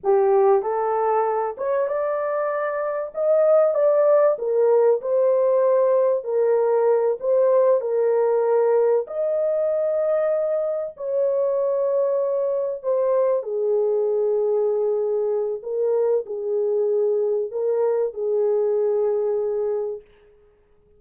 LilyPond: \new Staff \with { instrumentName = "horn" } { \time 4/4 \tempo 4 = 96 g'4 a'4. cis''8 d''4~ | d''4 dis''4 d''4 ais'4 | c''2 ais'4. c''8~ | c''8 ais'2 dis''4.~ |
dis''4. cis''2~ cis''8~ | cis''8 c''4 gis'2~ gis'8~ | gis'4 ais'4 gis'2 | ais'4 gis'2. | }